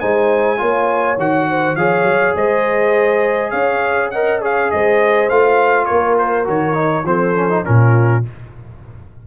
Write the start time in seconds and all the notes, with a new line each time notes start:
0.00 G#3 D#4 C5 G#5
0.58 A#3 F4 C#5
1.18 D#3 F#4 F#5
1.49 C5
1.76 F3 G#4 C#5 F5
2.03 F#3
2.36 G#3 C5 D#5
3.51 C#4 C#5 F5
4.11 A#4 D#5 F#5
4.42 G#4 C#5 F5
4.71 G#3 C5 D#5
5.30 A3 F4 F5
5.86 A#3 A#4 C#5
6.18 C5
6.45 D#3 F#4 C#5
6.74 D#4
7.05 F3 C4 A4 C5
7.35 C#4
7.50 D#4
7.64 A#2 C#4 F4 A#4